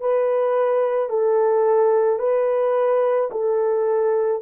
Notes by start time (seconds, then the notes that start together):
0.00 B4
1.10 A4
2.19 B4
3.31 A4